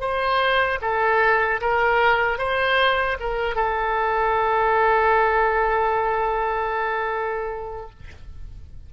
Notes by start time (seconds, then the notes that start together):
0.00 C5
0.81 A4
1.61 A#4
2.38 C5
3.20 A#4
3.55 A4